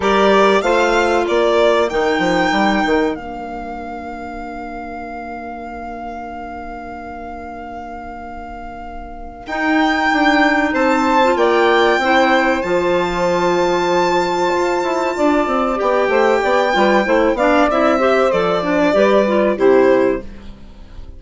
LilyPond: <<
  \new Staff \with { instrumentName = "violin" } { \time 4/4 \tempo 4 = 95 d''4 f''4 d''4 g''4~ | g''4 f''2.~ | f''1~ | f''2. g''4~ |
g''4 a''4 g''2 | a''1~ | a''4 g''2~ g''8 f''8 | e''4 d''2 c''4 | }
  \new Staff \with { instrumentName = "saxophone" } { \time 4/4 ais'4 c''4 ais'2~ | ais'1~ | ais'1~ | ais'1~ |
ais'4 c''4 d''4 c''4~ | c''1 | d''4. c''8 d''8 b'8 c''8 d''8~ | d''8 c''4. b'4 g'4 | }
  \new Staff \with { instrumentName = "clarinet" } { \time 4/4 g'4 f'2 dis'4~ | dis'4 d'2.~ | d'1~ | d'2. dis'4~ |
dis'4.~ dis'16 f'4~ f'16 e'4 | f'1~ | f'4 g'4. f'8 e'8 d'8 | e'8 g'8 a'8 d'8 g'8 f'8 e'4 | }
  \new Staff \with { instrumentName = "bassoon" } { \time 4/4 g4 a4 ais4 dis8 f8 | g8 dis8 ais2.~ | ais1~ | ais2. dis'4 |
d'4 c'4 ais4 c'4 | f2. f'8 e'8 | d'8 c'8 b8 a8 b8 g8 a8 b8 | c'4 f4 g4 c4 | }
>>